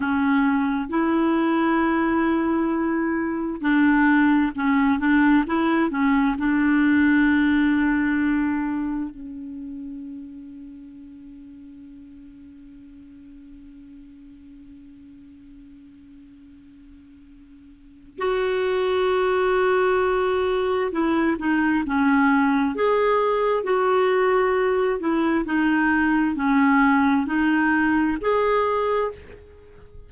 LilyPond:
\new Staff \with { instrumentName = "clarinet" } { \time 4/4 \tempo 4 = 66 cis'4 e'2. | d'4 cis'8 d'8 e'8 cis'8 d'4~ | d'2 cis'2~ | cis'1~ |
cis'1 | fis'2. e'8 dis'8 | cis'4 gis'4 fis'4. e'8 | dis'4 cis'4 dis'4 gis'4 | }